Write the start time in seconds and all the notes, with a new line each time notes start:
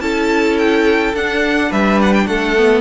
0.00 C#4 E4 A4 A5
0.58 G5
1.14 D4 F#5
1.69 G3 B4 E5
2.01 F#5
2.13 G5
2.26 A3 A4 F#5
2.57 B3